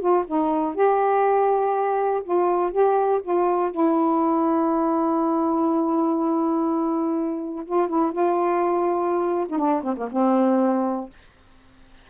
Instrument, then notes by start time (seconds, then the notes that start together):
saxophone
0.00 F4
0.27 D#4
0.75 G4
2.23 F4
2.72 G4
3.23 F4
3.71 E4
7.65 F4
7.88 E4
8.12 F4
9.49 D#4
9.58 D4
9.83 C4
9.97 A#3
10.12 C4